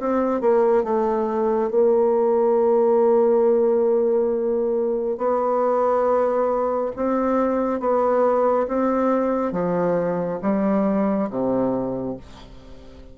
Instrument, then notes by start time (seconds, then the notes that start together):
bassoon
0.00 C4
0.42 A#3
0.84 A3
1.71 A#3
5.18 B3
6.96 C4
7.81 B3
8.68 C4
9.53 F3
10.43 G3
11.30 C3